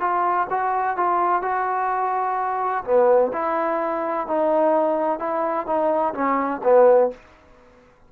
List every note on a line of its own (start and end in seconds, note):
0.00 0.47 F4
0.50 0.97 F#4
0.97 1.42 F4
1.42 2.84 F#4
2.84 3.32 B3
3.33 4.27 E4
4.27 5.19 D#4
5.19 5.66 E4
5.66 6.14 D#4
6.14 6.61 C#4
6.64 7.11 B3